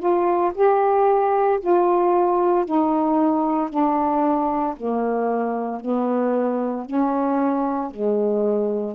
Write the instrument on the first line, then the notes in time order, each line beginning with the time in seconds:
saxophone
0.00 F4
0.55 G4
1.61 F4
2.66 D#4
3.70 D4
4.77 A#3
5.81 B3
6.86 C#4
7.91 G#3